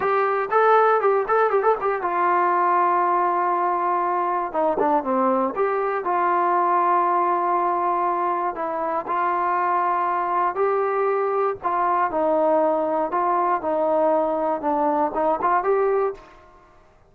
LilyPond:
\new Staff \with { instrumentName = "trombone" } { \time 4/4 \tempo 4 = 119 g'4 a'4 g'8 a'8 g'16 a'16 g'8 | f'1~ | f'4 dis'8 d'8 c'4 g'4 | f'1~ |
f'4 e'4 f'2~ | f'4 g'2 f'4 | dis'2 f'4 dis'4~ | dis'4 d'4 dis'8 f'8 g'4 | }